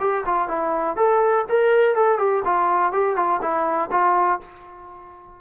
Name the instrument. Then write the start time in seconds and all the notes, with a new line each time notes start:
trombone
0.00 G4
0.26 F4
0.48 E4
0.96 A4
1.49 A#4
1.95 A4
2.18 G4
2.45 F4
2.92 G4
3.16 F4
3.41 E4
3.91 F4